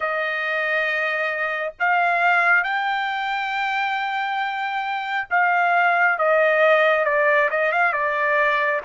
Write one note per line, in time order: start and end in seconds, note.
0.00 1.72 D#5
1.79 2.63 F5
2.63 5.28 G5
5.30 6.18 F5
6.18 7.05 D#5
7.05 7.49 D5
7.50 7.72 D#5
7.72 7.92 F5
7.92 8.80 D5